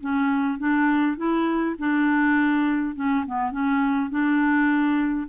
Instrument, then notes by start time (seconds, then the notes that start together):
clarinet
0.00 C#4
0.58 D4
1.17 E4
1.78 D4
2.95 C#4
3.26 B3
3.51 C#4
4.10 D4